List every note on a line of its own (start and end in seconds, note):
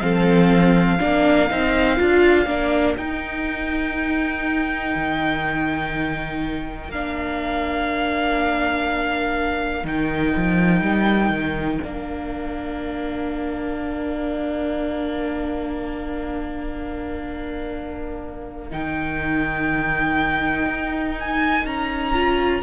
0.00 0.99 F3
0.00 0.99 C4
0.00 1.01 A4
0.00 2.95 F5
0.99 1.50 A#3
0.99 1.48 D4
0.99 22.62 A#4
1.49 1.99 C4
1.49 1.96 D#4
1.96 2.46 D4
1.96 2.45 F4
2.46 2.95 A#3
2.46 2.96 D4
2.97 4.94 D#4
2.97 6.91 D#4
2.97 6.90 G5
4.95 6.89 D#3
6.89 9.83 A#3
6.89 9.84 D4
6.89 9.86 F5
9.83 10.33 D#3
9.83 11.81 D#4
9.83 11.83 G5
10.36 10.81 F3
10.81 11.30 G3
11.30 11.79 D#3
11.82 18.71 A#3
11.82 18.69 D4
11.82 18.72 F5
18.69 20.66 D#3
18.69 22.14 D#4
18.69 21.18 G5
20.66 21.64 D#4
21.19 21.66 G#5
21.64 22.62 C#4
21.64 22.62 A#5
22.14 22.62 F4